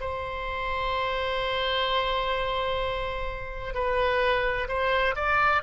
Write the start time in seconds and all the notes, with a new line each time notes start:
0.00 C5
3.74 B4
4.68 C5
5.15 D5